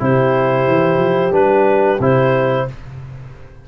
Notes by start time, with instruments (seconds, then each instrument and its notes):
0.00 tuba C3, trombone E4, horn G4, clarinet C5
0.68 tuba E3
0.98 tuba F3
1.32 tuba G3, trombone D4, clarinet B4
2.00 tuba C3, trombone E4, clarinet C5